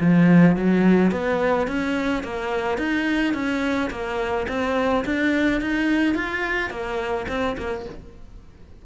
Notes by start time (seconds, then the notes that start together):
0.00 F3
0.56 F#3
1.12 B3
1.67 C#4
2.23 A#3
2.78 D#4
3.34 C#4
3.90 A#3
4.48 C4
5.05 D4
5.61 D#4
6.15 F4
6.70 A#3
7.28 C4
7.57 A#3